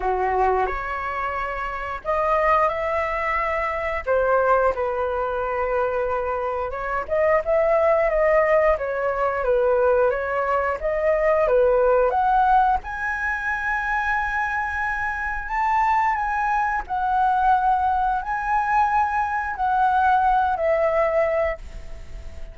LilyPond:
\new Staff \with { instrumentName = "flute" } { \time 4/4 \tempo 4 = 89 fis'4 cis''2 dis''4 | e''2 c''4 b'4~ | b'2 cis''8 dis''8 e''4 | dis''4 cis''4 b'4 cis''4 |
dis''4 b'4 fis''4 gis''4~ | gis''2. a''4 | gis''4 fis''2 gis''4~ | gis''4 fis''4. e''4. | }